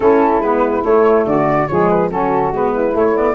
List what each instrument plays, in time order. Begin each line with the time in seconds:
0.00 tuba A3, saxophone C#4 E4, flute A4
0.39 tuba G#3, saxophone B3, flute B4
0.82 saxophone A3, tuba A3, flute C#5
1.26 tuba D3, saxophone F#4, flute D5
1.68 tuba F3, saxophone G#3 G#4, flute C#5
1.89 flute B4
2.09 tuba F#3, saxophone C#4 F#4, flute A4
2.51 tuba G#3, saxophone B3, flute B4
2.72 saxophone E4
2.92 saxophone A3, tuba A3, flute C#5
3.15 saxophone B3, flute D5